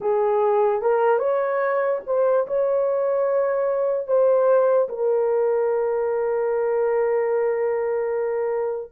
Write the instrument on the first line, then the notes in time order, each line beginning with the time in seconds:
horn
0.00 G#4
0.81 A#4
1.19 C#5
2.06 C5
2.47 C#5
4.07 C5
4.88 A#4